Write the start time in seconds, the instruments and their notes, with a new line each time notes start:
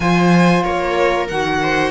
0.00 cello F3, saxophone F4, viola C5, violin G#5
0.62 cello A#3, viola A#4, violin C#5
1.28 cello D#3, saxophone F#4, violin F#5
1.62 viola C5